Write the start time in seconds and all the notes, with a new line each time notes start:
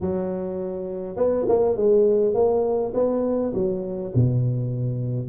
0.01 F#3
1.16 B3
1.48 A#3
1.76 G#3
2.34 A#3
2.94 B3
3.53 F#3
4.14 B2